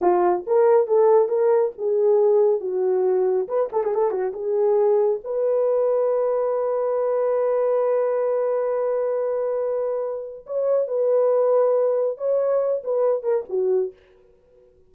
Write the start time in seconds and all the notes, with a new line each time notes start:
0.01 F4
0.46 A#4
0.87 A4
1.28 A#4
1.77 G#4
2.60 F#4
3.48 B4
3.72 A4
3.83 G#4
3.94 A4
4.10 F#4
4.33 G#4
5.24 B4
10.46 C#5
10.87 B4
12.17 C#5
12.84 B4
13.22 A#4
13.49 F#4